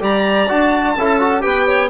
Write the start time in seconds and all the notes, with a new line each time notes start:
0.00 G3 G4 D5 A#5
0.48 D4 F#4 A5
0.97 C#4 E4 A4
1.20 F#4
1.41 B3 G4 B4 G5
1.67 C#5